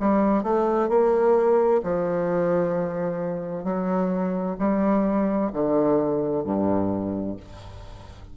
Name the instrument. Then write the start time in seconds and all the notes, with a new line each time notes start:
bassoon
0.00 G3
0.44 A3
0.89 A#3
1.83 F3
3.64 F#3
4.59 G3
5.53 D3
6.44 G2